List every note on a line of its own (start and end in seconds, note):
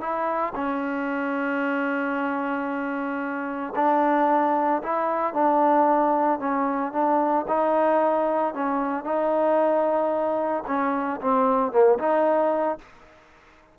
0.00 0.53 E4
0.55 3.73 C#4
3.75 4.81 D4
4.82 5.33 E4
5.33 6.39 D4
6.39 6.92 C#4
6.92 7.45 D4
7.48 8.54 D#4
8.54 9.04 C#4
9.04 10.63 D#4
10.67 11.20 C#4
11.21 11.72 C4
11.72 11.98 A#3
11.99 12.78 D#4